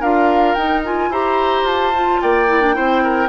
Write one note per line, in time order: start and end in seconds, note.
0.00 0.55 D4
0.00 0.57 F4
0.00 1.09 A#4
0.00 0.54 F5
0.54 1.09 D#4
0.54 0.85 D#4
0.54 0.81 G5
0.85 1.12 F4
0.85 1.12 G#5
1.09 1.63 E4
1.09 1.94 G4
1.09 2.20 C5
1.09 1.67 A#5
1.63 2.17 F4
1.63 2.22 A5
1.94 2.47 F4
2.22 2.77 A#3
2.22 2.76 D5
2.22 3.28 G5
2.47 2.61 E4
2.61 2.74 D4
2.74 3.28 C4
2.74 3.28 E4
2.74 3.03 C5
3.03 3.28 A#4